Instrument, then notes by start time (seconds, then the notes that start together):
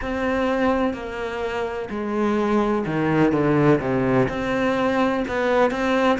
cello
0.01 C4
0.93 A#3
1.90 G#3
2.86 D#3
3.32 D3
3.80 C3
4.29 C4
5.28 B3
5.71 C4